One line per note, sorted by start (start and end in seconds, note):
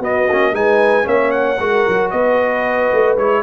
0.00 0.26 B3
0.00 0.29 B3
0.00 0.55 F#4
0.00 0.55 D#5
0.29 0.53 A#3
0.29 0.54 C#4
0.53 1.06 G#3
0.53 1.04 D#4
0.53 1.07 B4
0.53 1.08 G#5
1.04 1.59 A#3
1.04 1.56 C#4
1.04 1.59 C#5
1.04 1.31 E5
1.31 2.10 F#5
1.59 1.86 G#3
1.59 3.18 F#4
1.59 2.12 A#4
1.88 2.12 F#3
2.11 2.91 B3
2.11 3.43 B4
2.11 3.16 D#5
2.93 3.17 A3
3.17 3.43 G#3
3.17 3.43 E4
3.17 3.43 C#5